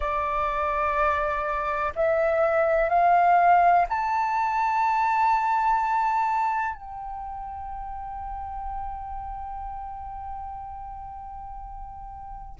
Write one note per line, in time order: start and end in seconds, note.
0.00 1.92 D5
1.95 2.89 E5
2.89 3.85 F5
3.89 6.74 A5
6.74 12.55 G5